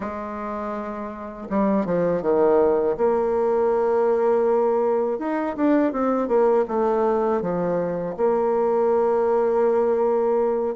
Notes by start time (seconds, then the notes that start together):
0.00 G#3
1.49 G3
1.85 F3
2.22 D#3
2.97 A#3
5.19 D#4
5.56 D4
5.92 C4
6.28 A#3
6.67 A3
7.41 F3
8.16 A#3